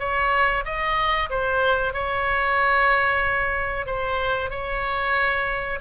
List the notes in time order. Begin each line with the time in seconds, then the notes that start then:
0.00 C#5
0.65 D#5
1.30 C5
1.94 C#5
3.87 C5
4.51 C#5